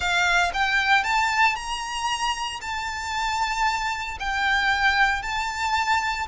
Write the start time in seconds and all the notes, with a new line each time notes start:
0.00 F5
0.53 G5
1.03 A5
1.55 A#5
2.61 A5
4.19 G5
5.22 A5